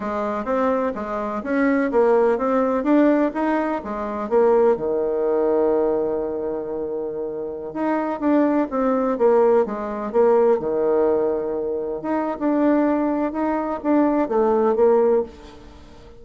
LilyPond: \new Staff \with { instrumentName = "bassoon" } { \time 4/4 \tempo 4 = 126 gis4 c'4 gis4 cis'4 | ais4 c'4 d'4 dis'4 | gis4 ais4 dis2~ | dis1~ |
dis16 dis'4 d'4 c'4 ais8.~ | ais16 gis4 ais4 dis4.~ dis16~ | dis4~ dis16 dis'8. d'2 | dis'4 d'4 a4 ais4 | }